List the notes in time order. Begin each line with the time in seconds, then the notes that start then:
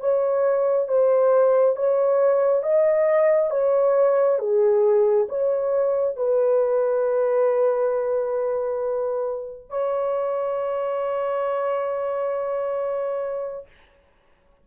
0.00 C#5
0.87 C5
1.76 C#5
2.63 D#5
3.50 C#5
4.39 G#4
5.28 C#5
6.16 B4
9.69 C#5